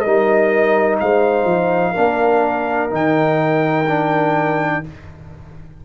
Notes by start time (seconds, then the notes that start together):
0.00 G3 D#4 A#4 D#5
1.00 G#3 C5 F5
1.44 F3
1.93 A#3 D4 A#4
2.90 D#3 D#4 G5
3.88 D4